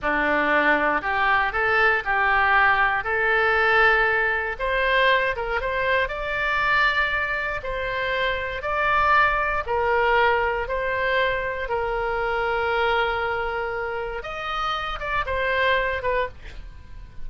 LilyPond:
\new Staff \with { instrumentName = "oboe" } { \time 4/4 \tempo 4 = 118 d'2 g'4 a'4 | g'2 a'2~ | a'4 c''4. ais'8 c''4 | d''2. c''4~ |
c''4 d''2 ais'4~ | ais'4 c''2 ais'4~ | ais'1 | dis''4. d''8 c''4. b'8 | }